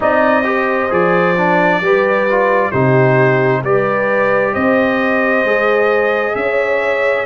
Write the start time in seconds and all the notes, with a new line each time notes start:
0.00 C4 D#4 D5 D#5
0.43 G4 C5
0.89 F3 G#4 D5
1.37 D4
1.80 G3 G4 B4
2.30 F4
2.69 C3 D#4 G4 C5
3.63 G3 G4 B4 D5
4.53 C4 C5 D#5
5.44 G#3 G#4
6.35 C#4 C#5 E5